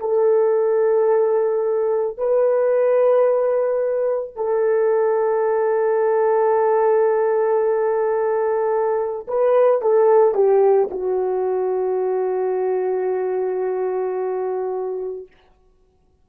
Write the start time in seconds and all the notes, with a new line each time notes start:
0.00 A4
2.18 B4
4.36 A4
9.28 B4
9.82 A4
10.35 G4
10.91 F#4